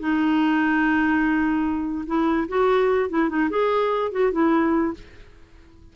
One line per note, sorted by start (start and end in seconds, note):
0.00 2.05 D#4
2.07 2.48 E4
2.48 3.10 F#4
3.10 3.29 E4
3.29 3.50 D#4
3.50 4.12 G#4
4.12 4.32 F#4
4.32 4.94 E4